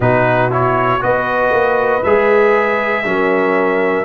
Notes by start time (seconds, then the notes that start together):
0.00 B2 D#4 F#4 B4
0.50 E4 C#5
1.00 B3 F#4 B4 D#5
1.51 A#3
2.03 G#3 G#4 E5
3.04 F#3 C#4 A#4